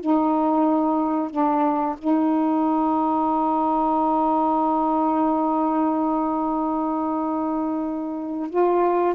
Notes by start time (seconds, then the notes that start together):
0.00 D#4
1.30 D4
1.98 D#4
8.50 F4